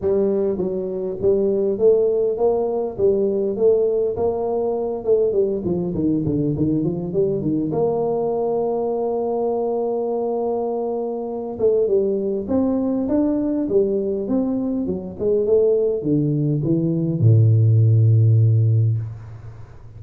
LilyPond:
\new Staff \with { instrumentName = "tuba" } { \time 4/4 \tempo 4 = 101 g4 fis4 g4 a4 | ais4 g4 a4 ais4~ | ais8 a8 g8 f8 dis8 d8 dis8 f8 | g8 dis8 ais2.~ |
ais2.~ ais8 a8 | g4 c'4 d'4 g4 | c'4 fis8 gis8 a4 d4 | e4 a,2. | }